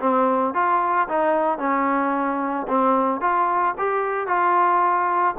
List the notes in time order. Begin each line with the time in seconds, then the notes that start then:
0.00 C4
0.54 F4
1.08 D#4
1.58 C#4
2.68 C4
3.21 F4
3.78 G4
4.27 F4